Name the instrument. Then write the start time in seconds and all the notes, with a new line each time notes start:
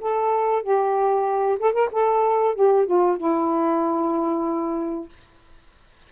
saxophone
0.00 A4
0.62 G4
1.59 A4
1.73 A#4
1.92 A4
2.55 G4
2.86 F4
3.17 E4